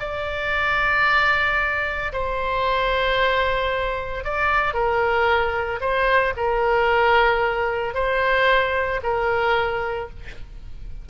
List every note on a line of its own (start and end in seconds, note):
0.00 2.12 D5
2.13 4.25 C5
4.25 4.74 D5
4.74 5.80 A#4
5.80 6.34 C5
6.37 7.95 A#4
7.95 9.01 C5
9.03 10.10 A#4